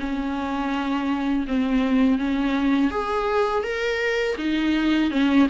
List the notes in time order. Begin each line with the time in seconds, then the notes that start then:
0.00 C#4
1.48 C4
2.19 C#4
2.91 G#4
3.64 A#4
4.38 D#4
5.11 C#4